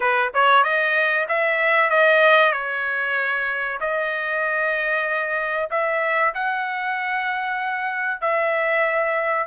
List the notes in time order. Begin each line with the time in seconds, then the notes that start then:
0.00 B4
0.34 C#5
0.63 D#5
1.28 E5
1.90 D#5
2.52 C#5
3.80 D#5
5.70 E5
6.34 F#5
8.20 E5